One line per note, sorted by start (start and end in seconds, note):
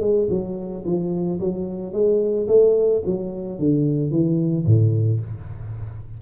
0.00 0.27 G#3
0.29 0.84 F#3
0.85 1.39 F3
1.39 1.92 F#3
1.92 2.47 G#3
2.47 3.02 A3
3.05 3.59 F#3
3.59 4.10 D3
4.10 4.65 E3
4.65 5.20 A2